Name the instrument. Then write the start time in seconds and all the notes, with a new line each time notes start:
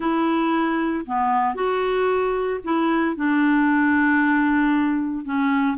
clarinet
0.00 E4
1.06 B3
1.54 F#4
2.64 E4
3.16 D4
5.24 C#4